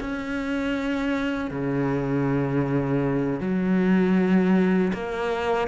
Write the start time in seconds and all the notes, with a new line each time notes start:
0.00 C#4
1.51 C#3
3.40 F#3
4.93 A#3